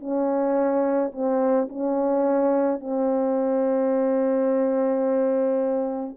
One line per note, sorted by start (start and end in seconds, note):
0.00 1.12 C#4
1.13 1.69 C4
1.69 2.81 C#4
2.81 6.17 C4